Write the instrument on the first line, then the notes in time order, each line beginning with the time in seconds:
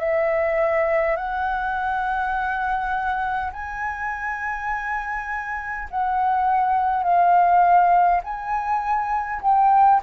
flute
0.00 E5
1.17 F#5
3.53 G#5
5.91 F#5
7.04 F5
8.25 G#5
9.42 G5